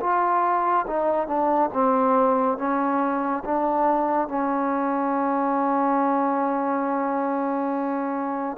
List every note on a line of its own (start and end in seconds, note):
0.00 0.86 F4
0.87 1.27 D#4
1.27 1.70 D4
1.73 2.58 C4
2.58 3.44 C#4
3.44 4.28 D4
4.28 8.57 C#4